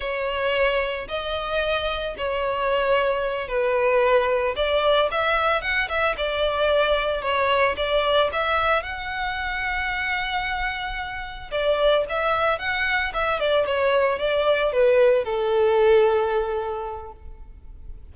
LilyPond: \new Staff \with { instrumentName = "violin" } { \time 4/4 \tempo 4 = 112 cis''2 dis''2 | cis''2~ cis''8 b'4.~ | b'8 d''4 e''4 fis''8 e''8 d''8~ | d''4. cis''4 d''4 e''8~ |
e''8 fis''2.~ fis''8~ | fis''4. d''4 e''4 fis''8~ | fis''8 e''8 d''8 cis''4 d''4 b'8~ | b'8 a'2.~ a'8 | }